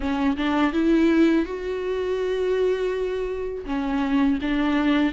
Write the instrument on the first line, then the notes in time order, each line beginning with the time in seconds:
viola
0.00 C#4
0.37 D4
0.73 E4
1.45 F#4
3.65 C#4
4.41 D4